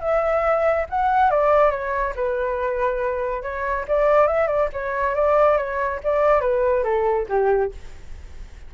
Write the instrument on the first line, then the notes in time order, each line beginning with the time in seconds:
flute
0.00 E5
0.89 F#5
1.30 D5
1.71 C#5
2.15 B4
3.42 C#5
3.88 D5
4.27 E5
4.47 D5
4.73 C#5
5.15 D5
5.57 C#5
6.04 D5
6.41 B4
6.84 A4
7.29 G4